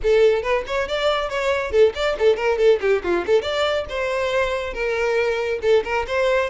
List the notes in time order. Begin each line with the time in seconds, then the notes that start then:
0.02 A4
0.42 B4
0.66 C#5
0.88 D5
1.29 C#5
1.71 A4
1.94 D5
2.18 A4
2.36 A#4
2.58 A4
2.81 G4
3.03 F4
3.26 A4
3.42 D5
3.89 C5
4.73 A#4
5.62 A4
5.84 A#4
6.07 C5